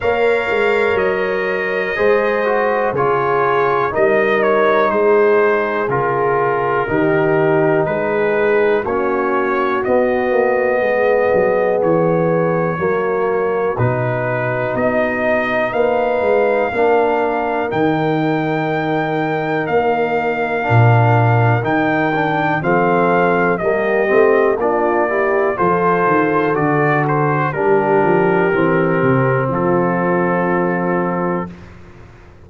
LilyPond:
<<
  \new Staff \with { instrumentName = "trumpet" } { \time 4/4 \tempo 4 = 61 f''4 dis''2 cis''4 | dis''8 cis''8 c''4 ais'2 | b'4 cis''4 dis''2 | cis''2 b'4 dis''4 |
f''2 g''2 | f''2 g''4 f''4 | dis''4 d''4 c''4 d''8 c''8 | ais'2 a'2 | }
  \new Staff \with { instrumentName = "horn" } { \time 4/4 cis''2 c''4 gis'4 | ais'4 gis'2 g'4 | gis'4 fis'2 gis'4~ | gis'4 fis'2. |
b'4 ais'2.~ | ais'2. a'4 | g'4 f'8 g'8 a'2 | g'2 f'2 | }
  \new Staff \with { instrumentName = "trombone" } { \time 4/4 ais'2 gis'8 fis'8 f'4 | dis'2 f'4 dis'4~ | dis'4 cis'4 b2~ | b4 ais4 dis'2~ |
dis'4 d'4 dis'2~ | dis'4 d'4 dis'8 d'8 c'4 | ais8 c'8 d'8 e'8 f'4 fis'4 | d'4 c'2. | }
  \new Staff \with { instrumentName = "tuba" } { \time 4/4 ais8 gis8 fis4 gis4 cis4 | g4 gis4 cis4 dis4 | gis4 ais4 b8 ais8 gis8 fis8 | e4 fis4 b,4 b4 |
ais8 gis8 ais4 dis2 | ais4 ais,4 dis4 f4 | g8 a8 ais4 f8 dis8 d4 | g8 f8 e8 c8 f2 | }
>>